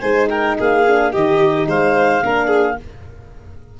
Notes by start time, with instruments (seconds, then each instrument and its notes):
0.00 tuba G#3, horn D#4, violin C5, clarinet G#5
0.28 violin A#4, clarinet G5
0.59 tuba A#3, violin G#4, clarinet F5
0.86 horn D4
1.12 tuba D#3, horn D#4, violin G4, clarinet D#5
1.67 tuba G#3, violin C5, clarinet F5
2.23 tuba A#3, horn D4, violin A#4
2.47 violin G#4